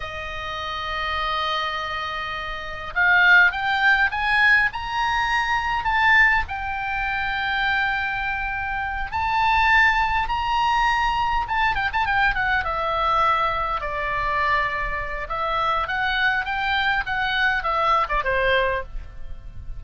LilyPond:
\new Staff \with { instrumentName = "oboe" } { \time 4/4 \tempo 4 = 102 dis''1~ | dis''4 f''4 g''4 gis''4 | ais''2 a''4 g''4~ | g''2.~ g''8 a''8~ |
a''4. ais''2 a''8 | g''16 a''16 g''8 fis''8 e''2 d''8~ | d''2 e''4 fis''4 | g''4 fis''4 e''8. d''16 c''4 | }